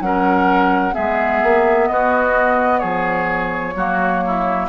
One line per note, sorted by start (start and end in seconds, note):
0.00 0.94 F#3
0.00 0.92 C#4
0.00 0.94 A#4
0.00 0.94 F#5
0.92 1.42 G#3
0.92 3.73 B3
0.92 1.88 G#4
0.92 1.87 E5
1.42 1.89 A#3
1.87 2.83 B3
1.87 2.80 F#4
1.87 2.79 D#5
2.79 3.75 F3
2.79 3.74 G#4
2.79 4.66 C#5
3.75 4.68 F#3
3.75 4.69 A#3
3.75 4.23 F#4
4.26 4.69 E4